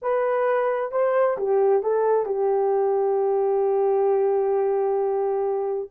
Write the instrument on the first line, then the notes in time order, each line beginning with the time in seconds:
horn
0.02 B4
0.91 C5
1.37 G4
1.82 A4
2.25 G4